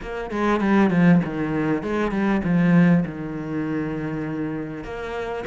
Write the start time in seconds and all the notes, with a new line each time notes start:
0.02 A#3
0.31 G#3
0.60 G3
0.90 F3
1.24 D#3
1.82 G#3
2.10 G3
2.44 F3
3.05 D#3
4.83 A#3